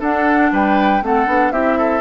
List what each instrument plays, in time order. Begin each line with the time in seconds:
0.00 bassoon D4, clarinet D4, oboe A4, flute F#5
0.52 bassoon G3, oboe B4, flute G5
1.02 bassoon A3, clarinet C4, oboe A4, flute F#5
1.27 bassoon B3, clarinet D4
1.52 bassoon C4, clarinet E4, oboe G4, flute E5
1.78 oboe A4